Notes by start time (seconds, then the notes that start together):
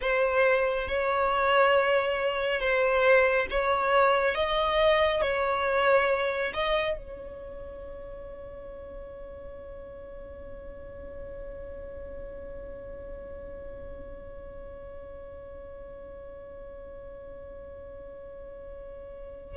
0.01 C5
0.88 C#5
2.60 C5
3.50 C#5
4.34 D#5
5.21 C#5
6.53 D#5
6.97 C#5